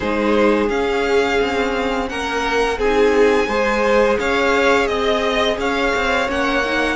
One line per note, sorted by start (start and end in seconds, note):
0.00 0.69 G#3
0.00 0.69 D#4
0.00 2.07 G#4
0.00 0.69 C5
0.69 1.38 C#4
0.69 2.78 C#4
0.69 2.08 F5
1.41 2.10 C4
2.08 2.78 A#3
2.08 2.78 A#4
2.08 2.78 F#5
2.78 3.47 C4
2.78 3.49 D#4
2.78 3.48 G#4
2.78 4.18 G#5
3.47 4.17 G#3
3.47 6.27 G#4
3.47 4.18 C5
4.18 4.88 C#4
4.18 4.89 C#5
4.18 4.87 F5
4.87 5.57 C4
4.87 5.56 D#5
4.87 5.59 D#5
5.57 5.92 C#4
5.57 6.96 C#5
5.57 6.29 F5
5.95 6.28 C4
6.27 6.96 A#3
6.27 6.62 C#4
6.27 6.96 F#5
6.65 6.96 D#4